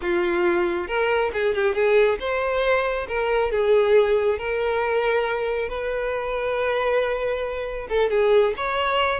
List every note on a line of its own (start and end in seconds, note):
0.01 0.87 F4
0.87 1.31 A#4
1.33 1.54 G#4
1.54 1.74 G4
1.74 2.18 G#4
2.19 3.07 C5
3.08 3.51 A#4
3.51 4.38 G#4
4.38 5.68 A#4
5.68 7.87 B4
7.89 8.10 A4
8.10 8.54 G#4
8.56 9.20 C#5